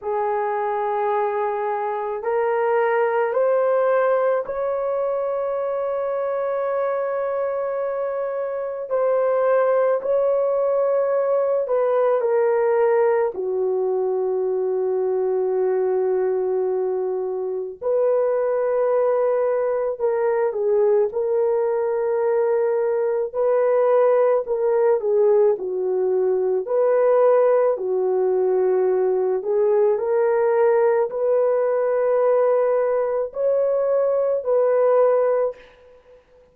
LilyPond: \new Staff \with { instrumentName = "horn" } { \time 4/4 \tempo 4 = 54 gis'2 ais'4 c''4 | cis''1 | c''4 cis''4. b'8 ais'4 | fis'1 |
b'2 ais'8 gis'8 ais'4~ | ais'4 b'4 ais'8 gis'8 fis'4 | b'4 fis'4. gis'8 ais'4 | b'2 cis''4 b'4 | }